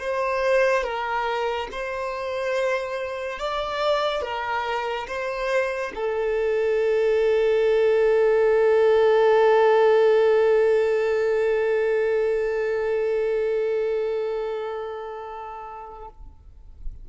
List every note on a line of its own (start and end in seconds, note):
0.00 0.84 C5
0.84 1.69 A#4
1.72 3.40 C5
3.40 4.23 D5
4.23 5.07 A#4
5.08 5.92 C5
5.95 16.09 A4